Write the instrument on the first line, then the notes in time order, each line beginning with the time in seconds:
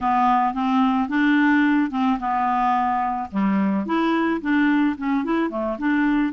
clarinet
0.00 B3
0.54 C4
1.08 D4
1.91 C4
2.19 B3
3.31 G3
3.86 E4
4.41 D4
4.97 C#4
5.24 E4
5.49 A3
5.78 D4